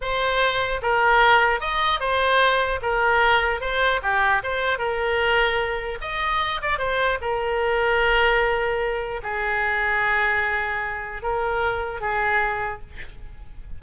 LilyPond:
\new Staff \with { instrumentName = "oboe" } { \time 4/4 \tempo 4 = 150 c''2 ais'2 | dis''4 c''2 ais'4~ | ais'4 c''4 g'4 c''4 | ais'2. dis''4~ |
dis''8 d''8 c''4 ais'2~ | ais'2. gis'4~ | gis'1 | ais'2 gis'2 | }